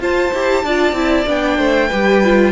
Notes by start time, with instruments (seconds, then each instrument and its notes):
0.00 cello F4, viola F4, violin C5 A5
0.34 cello E4, viola G4
0.64 cello D4, viola F4, violin D5
0.92 cello C4, viola E4
1.26 cello B3, viola D4, violin G5
1.58 cello A3, violin C5
1.89 cello G3, viola G4, violin B4
2.24 viola F4